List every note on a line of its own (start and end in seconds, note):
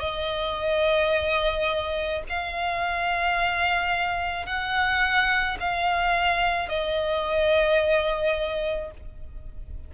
0.00 2.22 D#5
2.29 4.46 F5
4.46 5.57 F#5
5.60 6.69 F5
6.69 8.91 D#5